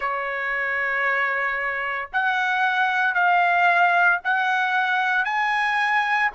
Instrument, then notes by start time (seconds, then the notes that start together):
trumpet
0.00 C#5
2.12 F#5
3.14 F5
4.23 F#5
5.24 G#5